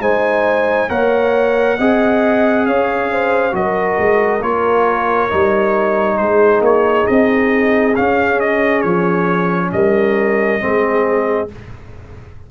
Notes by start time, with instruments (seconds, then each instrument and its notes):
0.00 tuba G#3, trombone D#4, horn C5, trumpet G#5
0.89 tuba A#3, trombone A#4, horn C#5, trumpet F#5
1.78 tuba C4, trombone G#4, horn D#5
2.67 tuba C#4, horn C#5, trumpet F5
3.12 horn C5
3.52 tuba F#3, trombone F#4, horn A#4, trumpet D#5
3.99 tuba G#3
4.41 tuba A#3, trombone F4, trumpet C#5
5.30 tuba G3, trombone D#4
6.18 tuba G#3, horn G#4, trumpet C5
6.61 tuba A#3, trumpet C#5
7.07 tuba C4, trumpet D#5
7.96 trombone C#4, tuba C#4, trumpet F5
8.40 trumpet D#5
8.82 tuba F3, trumpet C#5
9.73 tuba G3, horn A#4, trumpet D#5
10.60 tuba G#3, trombone C4, horn G#4